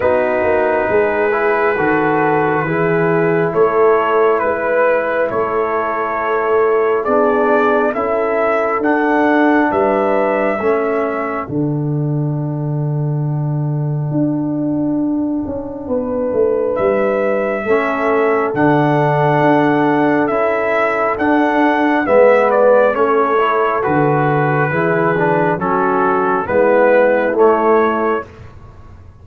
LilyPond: <<
  \new Staff \with { instrumentName = "trumpet" } { \time 4/4 \tempo 4 = 68 b'1 | cis''4 b'4 cis''2 | d''4 e''4 fis''4 e''4~ | e''4 fis''2.~ |
fis''2. e''4~ | e''4 fis''2 e''4 | fis''4 e''8 d''8 cis''4 b'4~ | b'4 a'4 b'4 cis''4 | }
  \new Staff \with { instrumentName = "horn" } { \time 4/4 fis'4 gis'4 a'4 gis'4 | a'4 b'4 a'2 | gis'4 a'2 b'4 | a'1~ |
a'2 b'2 | a'1~ | a'4 b'4 a'2 | gis'4 fis'4 e'2 | }
  \new Staff \with { instrumentName = "trombone" } { \time 4/4 dis'4. e'8 fis'4 e'4~ | e'1 | d'4 e'4 d'2 | cis'4 d'2.~ |
d'1 | cis'4 d'2 e'4 | d'4 b4 cis'8 e'8 fis'4 | e'8 d'8 cis'4 b4 a4 | }
  \new Staff \with { instrumentName = "tuba" } { \time 4/4 b8 ais8 gis4 dis4 e4 | a4 gis4 a2 | b4 cis'4 d'4 g4 | a4 d2. |
d'4. cis'8 b8 a8 g4 | a4 d4 d'4 cis'4 | d'4 gis4 a4 d4 | e4 fis4 gis4 a4 | }
>>